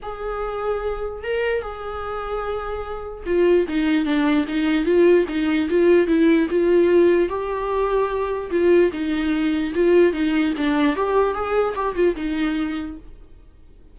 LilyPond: \new Staff \with { instrumentName = "viola" } { \time 4/4 \tempo 4 = 148 gis'2. ais'4 | gis'1 | f'4 dis'4 d'4 dis'4 | f'4 dis'4 f'4 e'4 |
f'2 g'2~ | g'4 f'4 dis'2 | f'4 dis'4 d'4 g'4 | gis'4 g'8 f'8 dis'2 | }